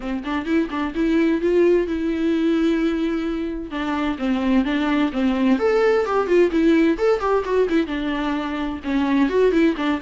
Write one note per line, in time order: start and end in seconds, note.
0.00 0.23 C4
0.24 0.45 D4
0.45 0.68 E4
0.70 0.93 D4
0.95 1.41 E4
1.41 1.87 F4
1.87 3.70 E4
3.70 4.17 D4
4.18 4.64 C4
4.64 5.11 D4
5.12 5.58 C4
5.59 6.05 A4
6.05 6.27 G4
6.27 6.50 F4
6.51 6.97 E4
6.98 7.20 A4
7.20 7.43 G4
7.44 7.68 F#4
7.68 7.86 E4
7.86 8.79 D4
8.84 9.29 C#4
9.29 9.51 F#4
9.51 9.75 E4
9.77 10.00 D4